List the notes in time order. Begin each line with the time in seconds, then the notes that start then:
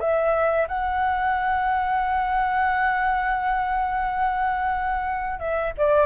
0.00 E5
0.68 F#5
5.39 E5
5.78 D5